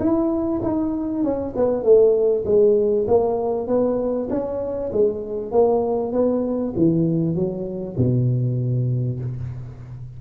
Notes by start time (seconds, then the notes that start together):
0.00 E4
0.63 D#4
1.23 C#4
1.56 B3
1.83 A3
2.45 G#3
3.08 A#3
3.67 B3
4.30 C#4
4.92 G#3
5.52 A#3
6.12 B3
6.76 E3
7.35 F#3
7.97 B2